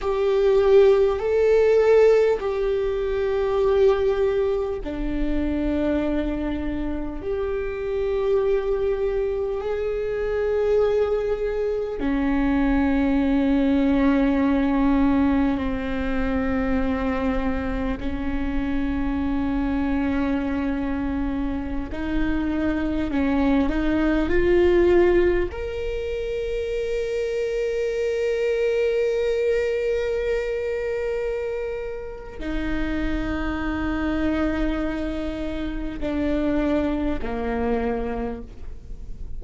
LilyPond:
\new Staff \with { instrumentName = "viola" } { \time 4/4 \tempo 4 = 50 g'4 a'4 g'2 | d'2 g'2 | gis'2 cis'2~ | cis'4 c'2 cis'4~ |
cis'2~ cis'16 dis'4 cis'8 dis'16~ | dis'16 f'4 ais'2~ ais'8.~ | ais'2. dis'4~ | dis'2 d'4 ais4 | }